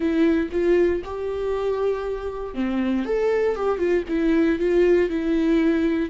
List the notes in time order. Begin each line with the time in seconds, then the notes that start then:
0.00 E4
0.51 F4
1.04 G4
2.54 C4
3.05 A4
3.55 G4
3.78 F4
4.08 E4
4.59 F4
5.09 E4